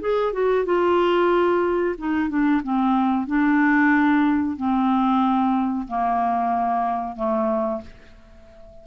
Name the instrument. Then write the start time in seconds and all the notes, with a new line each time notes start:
clarinet
0.00 G#4
0.32 F#4
0.65 F4
1.97 D#4
2.29 D4
2.63 C4
3.26 D4
4.56 C4
5.87 A#3
7.16 A3